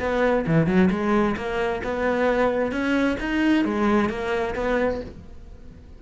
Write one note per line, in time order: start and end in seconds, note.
0.00 0.45 B3
0.47 0.67 E3
0.67 0.90 F#3
0.91 1.36 G#3
1.37 1.82 A#3
1.84 2.72 B3
2.72 3.17 C#4
3.20 3.65 D#4
3.65 4.10 G#3
4.10 4.55 A#3
4.55 5.01 B3